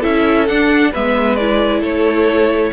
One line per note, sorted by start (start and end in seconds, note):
0.00 0.49 C#4
0.00 0.47 E4
0.00 0.90 A4
0.00 0.47 E5
0.47 0.94 D4
0.47 0.92 F#5
0.92 1.81 G#3
0.92 1.39 B3
0.92 1.80 B4
0.92 1.36 E5
1.36 2.73 E4
1.36 1.81 D5
1.80 2.72 A3
1.80 2.70 A4
1.80 2.73 C#5